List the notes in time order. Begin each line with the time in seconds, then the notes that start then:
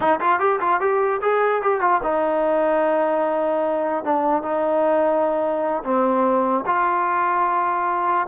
0.00 D#4
0.20 F4
0.39 G4
0.60 F4
0.80 G4
1.21 G#4
1.61 G4
1.80 F4
2.03 D#4
4.04 D4
4.42 D#4
5.84 C4
6.66 F4